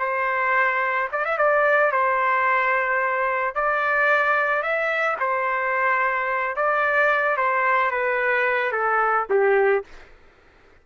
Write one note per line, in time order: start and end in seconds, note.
0.00 1.09 C5
1.12 1.25 D5
1.25 1.38 E5
1.38 1.92 D5
1.92 3.55 C5
3.55 4.63 D5
4.63 5.18 E5
5.20 6.57 C5
6.57 7.37 D5
7.37 7.91 C5
7.91 8.72 B4
8.72 9.27 A4
9.30 9.85 G4